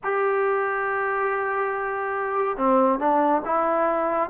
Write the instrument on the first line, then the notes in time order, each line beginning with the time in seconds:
trombone
0.03 G4
2.57 C4
2.99 D4
3.45 E4